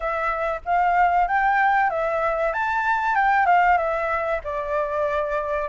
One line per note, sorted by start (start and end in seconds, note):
0.00 0.60 E5
0.65 1.27 F5
1.27 1.89 G5
1.89 2.53 E5
2.53 3.15 A5
3.15 3.46 G5
3.46 3.77 F5
3.77 4.40 E5
4.44 5.68 D5